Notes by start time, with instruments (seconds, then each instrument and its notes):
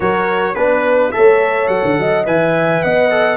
0.00 tuba F#3, trombone F#4, horn A#4, trumpet C#5
0.54 tuba B3, trombone D4, trumpet B4, horn B4
1.11 tuba A3, trombone A4, horn C#5, trumpet E5
1.67 tuba F#3, trumpet F#5
1.84 tuba D3
1.98 tuba F#3, horn D#5
2.25 tuba E3, trombone B4, horn E5, trumpet G#5
2.83 tuba B3, horn D#5, trumpet F#5
3.10 trombone A4